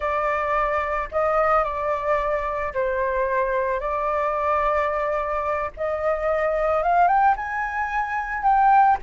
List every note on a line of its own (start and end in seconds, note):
0.00 1.09 D5
1.11 1.64 D#5
1.64 2.73 D5
2.73 3.80 C5
3.80 5.70 D5
5.76 6.82 D#5
6.82 7.07 F5
7.07 7.34 G5
7.36 8.42 G#5
8.42 8.97 G5